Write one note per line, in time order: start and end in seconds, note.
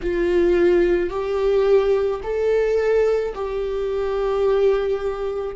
0.02 1.09 F4
1.09 2.20 G4
2.23 3.34 A4
3.34 5.55 G4